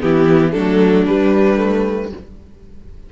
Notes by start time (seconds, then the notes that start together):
0.00 E3 B3 E4 G4
0.51 F#3 A3 D4 A4
1.06 G3 B4
1.57 A3